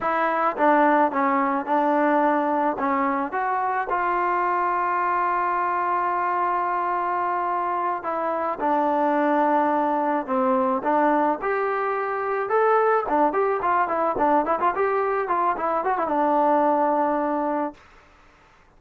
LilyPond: \new Staff \with { instrumentName = "trombone" } { \time 4/4 \tempo 4 = 108 e'4 d'4 cis'4 d'4~ | d'4 cis'4 fis'4 f'4~ | f'1~ | f'2~ f'8 e'4 d'8~ |
d'2~ d'8 c'4 d'8~ | d'8 g'2 a'4 d'8 | g'8 f'8 e'8 d'8 e'16 f'16 g'4 f'8 | e'8 fis'16 e'16 d'2. | }